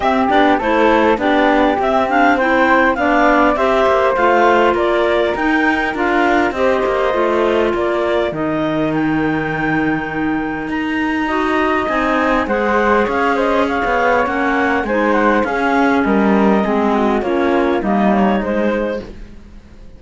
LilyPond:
<<
  \new Staff \with { instrumentName = "clarinet" } { \time 4/4 \tempo 4 = 101 e''8 d''8 c''4 d''4 e''8 f''8 | g''4 f''4 e''4 f''4 | d''4 g''4 f''4 dis''4~ | dis''4 d''4 dis''4 g''4~ |
g''2 ais''2 | gis''4 fis''4 f''8 dis''8 f''4 | fis''4 gis''8 fis''8 f''4 dis''4~ | dis''4 cis''4 dis''8 cis''8 c''4 | }
  \new Staff \with { instrumentName = "flute" } { \time 4/4 g'4 a'4 g'2 | c''4 d''4 c''2 | ais'2. c''4~ | c''4 ais'2.~ |
ais'2. dis''4~ | dis''4 c''4 cis''8 c''8 cis''4~ | cis''4 c''4 gis'4 ais'4 | gis'8 fis'8 f'4 dis'2 | }
  \new Staff \with { instrumentName = "clarinet" } { \time 4/4 c'8 d'8 e'4 d'4 c'8 d'8 | e'4 d'4 g'4 f'4~ | f'4 dis'4 f'4 g'4 | f'2 dis'2~ |
dis'2. fis'4 | dis'4 gis'2. | cis'4 dis'4 cis'2 | c'4 cis'4 ais4 gis4 | }
  \new Staff \with { instrumentName = "cello" } { \time 4/4 c'8 b8 a4 b4 c'4~ | c'4 b4 c'8 ais8 a4 | ais4 dis'4 d'4 c'8 ais8 | a4 ais4 dis2~ |
dis2 dis'2 | c'4 gis4 cis'4~ cis'16 b8. | ais4 gis4 cis'4 g4 | gis4 ais4 g4 gis4 | }
>>